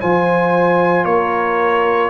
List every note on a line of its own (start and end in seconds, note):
0.00 1.05 F3
0.00 2.10 F4
0.00 1.05 C5
0.00 1.05 G#5
1.05 2.10 A#3
1.05 2.10 A#4
1.05 2.10 C#5